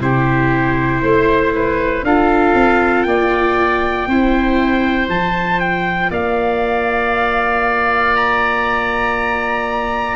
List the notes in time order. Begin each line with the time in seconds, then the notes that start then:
0.00 C3 E4 G4 C5
1.02 A3 C5
1.55 B4
2.03 D4 F4 A4 F5
2.54 C4
3.03 A#3 D5 G5
4.07 C4 E4 C5
5.08 F3 F4 A5
5.60 G5
6.10 A#3 D5 F5
8.16 A#5